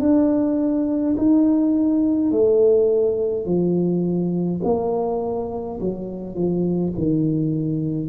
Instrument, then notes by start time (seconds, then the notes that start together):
tuba
0.00 D4
1.17 D#4
2.31 A3
3.45 F3
4.64 A#3
5.80 F#3
6.35 F3
6.98 D#3